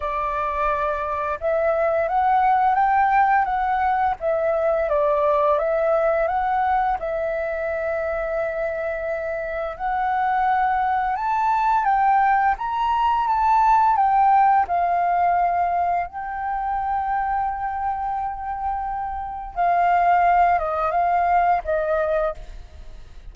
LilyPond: \new Staff \with { instrumentName = "flute" } { \time 4/4 \tempo 4 = 86 d''2 e''4 fis''4 | g''4 fis''4 e''4 d''4 | e''4 fis''4 e''2~ | e''2 fis''2 |
a''4 g''4 ais''4 a''4 | g''4 f''2 g''4~ | g''1 | f''4. dis''8 f''4 dis''4 | }